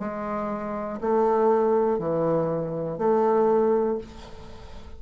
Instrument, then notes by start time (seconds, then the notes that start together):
bassoon
0.00 G#3
1.01 A3
1.99 E3
2.99 A3